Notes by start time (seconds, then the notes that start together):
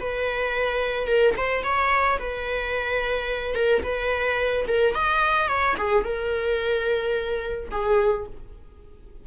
0.00 B4
1.08 A#4
1.37 C5
1.64 C#5
2.19 B4
3.55 A#4
3.83 B4
4.68 A#4
4.95 D#5
5.48 C#5
5.78 G#4
6.04 A#4
7.72 G#4